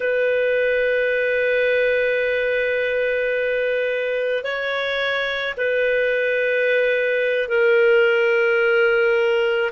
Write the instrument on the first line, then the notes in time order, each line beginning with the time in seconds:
clarinet
0.00 B4
4.43 C#5
5.57 B4
7.48 A#4